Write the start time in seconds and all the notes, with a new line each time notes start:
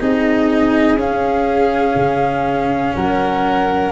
0.00 C4 D#4 G#4 D#5
0.96 C#4 F5
1.96 C#3
2.96 F#3 A#4 F#5